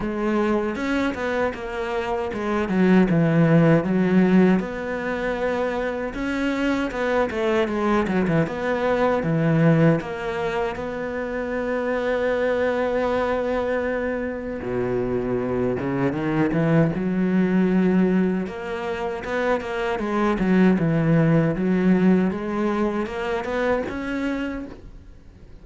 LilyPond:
\new Staff \with { instrumentName = "cello" } { \time 4/4 \tempo 4 = 78 gis4 cis'8 b8 ais4 gis8 fis8 | e4 fis4 b2 | cis'4 b8 a8 gis8 fis16 e16 b4 | e4 ais4 b2~ |
b2. b,4~ | b,8 cis8 dis8 e8 fis2 | ais4 b8 ais8 gis8 fis8 e4 | fis4 gis4 ais8 b8 cis'4 | }